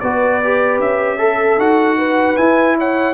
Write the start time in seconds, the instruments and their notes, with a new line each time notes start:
0.00 tuba B3, trombone F#4, horn B4, trumpet D5
0.44 trombone G4
0.79 tuba C#4, trumpet E5
1.19 trombone A4, horn A4
1.58 tuba D#4, trombone F#4, trumpet F#5
1.98 horn B4
2.37 trombone E4, tuba E4, trumpet G#5
2.78 horn C#5, trumpet F#5